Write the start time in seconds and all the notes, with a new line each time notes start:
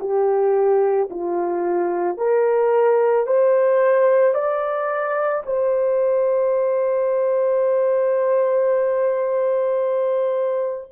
0.00 G4
1.11 F4
2.18 A#4
3.27 C5
4.34 D5
5.46 C5